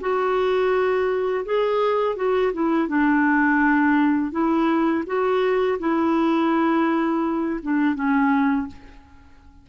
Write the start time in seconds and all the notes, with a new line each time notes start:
0.00 F#4
1.45 G#4
2.16 F#4
2.53 E4
2.88 D4
4.31 E4
5.06 F#4
5.79 E4
7.62 D4
7.95 C#4